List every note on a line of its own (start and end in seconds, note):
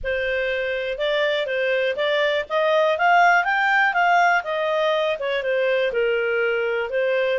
0.03 0.98 C5
0.98 1.46 D5
1.46 1.95 C5
1.96 2.45 D5
2.49 2.98 D#5
2.98 3.44 F5
3.44 3.93 G5
3.93 4.42 F5
4.43 5.17 D#5
5.19 5.42 C#5
5.42 5.92 C5
5.92 6.89 A#4
6.89 7.39 C5